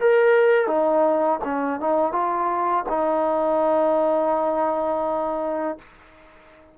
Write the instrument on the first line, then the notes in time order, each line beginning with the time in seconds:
trombone
0.00 A#4
0.67 D#4
1.44 C#4
1.80 D#4
2.12 F4
2.89 D#4